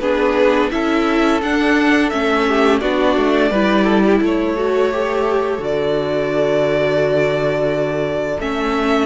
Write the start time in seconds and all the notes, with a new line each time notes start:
0.00 B3 D4 G#4 B4
0.71 C#4 E4 A4 E5
1.43 D4 F#5
2.10 A3 C#4 E5
2.48 G4
2.80 B3 D4 F#4 D5
3.17 A3
3.51 G3 E4 B4
3.85 A4
4.06 G4
4.21 A3 A4 C#5
4.58 F#4
4.92 G4
5.59 D3 F#4 D5
8.40 A3 C#4 E5